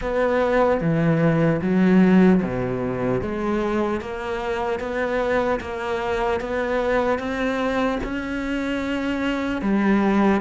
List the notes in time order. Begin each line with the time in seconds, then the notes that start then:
0.01 B3
0.80 E3
1.61 F#3
2.42 B2
3.21 G#3
4.00 A#3
4.79 B3
5.60 A#3
6.40 B3
7.18 C4
8.03 C#4
9.61 G3